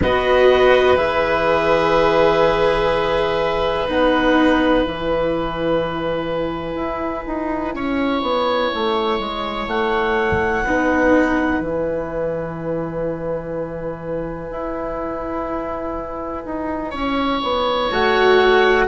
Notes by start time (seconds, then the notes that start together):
0.02 B3 F#4 B4 D#5
0.96 E3 G#4 E5
3.87 B3 D#4 F#5
4.83 E3 E4 G#5
6.75 E4
7.26 D#4
7.74 C#4 C#5
8.22 B3
8.74 A3
9.19 G#3
9.67 A3 F#5
10.64 B3 D#4 B4
11.60 E3 E4 G#5
14.50 E4
16.45 D#4
16.90 C#4 C#5
17.42 B3
17.90 A3 F#4 F#5